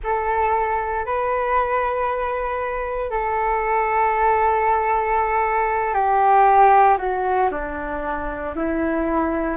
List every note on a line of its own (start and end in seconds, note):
0.03 1.05 A4
1.05 3.10 B4
3.10 5.93 A4
5.93 6.97 G4
6.98 7.50 F#4
7.50 8.54 D4
8.55 9.56 E4